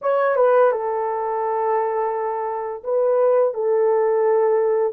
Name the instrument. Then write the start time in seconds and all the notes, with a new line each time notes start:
horn
0.01 C#5
0.36 B4
0.71 A4
2.83 B4
3.54 A4